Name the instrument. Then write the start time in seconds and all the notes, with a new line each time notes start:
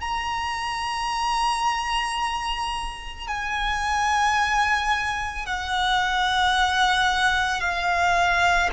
violin
0.00 A#5
3.28 G#5
5.46 F#5
7.61 F5